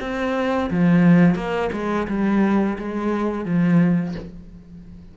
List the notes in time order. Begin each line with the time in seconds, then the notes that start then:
0.00 C4
0.70 F3
1.35 A#3
1.72 G#3
2.07 G3
2.78 G#3
3.45 F3